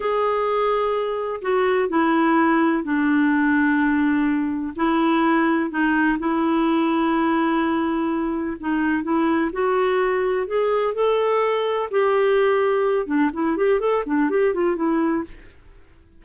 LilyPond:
\new Staff \with { instrumentName = "clarinet" } { \time 4/4 \tempo 4 = 126 gis'2. fis'4 | e'2 d'2~ | d'2 e'2 | dis'4 e'2.~ |
e'2 dis'4 e'4 | fis'2 gis'4 a'4~ | a'4 g'2~ g'8 d'8 | e'8 g'8 a'8 d'8 g'8 f'8 e'4 | }